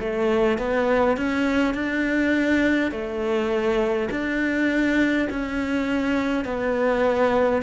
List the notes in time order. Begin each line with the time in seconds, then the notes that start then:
0.00 A3
0.58 B3
1.17 C#4
1.74 D4
2.91 A3
4.11 D4
5.30 C#4
6.45 B3